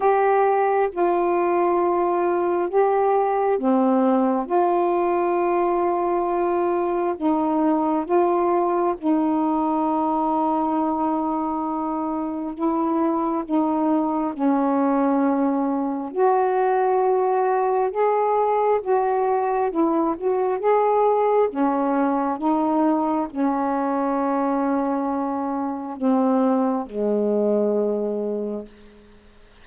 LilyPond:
\new Staff \with { instrumentName = "saxophone" } { \time 4/4 \tempo 4 = 67 g'4 f'2 g'4 | c'4 f'2. | dis'4 f'4 dis'2~ | dis'2 e'4 dis'4 |
cis'2 fis'2 | gis'4 fis'4 e'8 fis'8 gis'4 | cis'4 dis'4 cis'2~ | cis'4 c'4 gis2 | }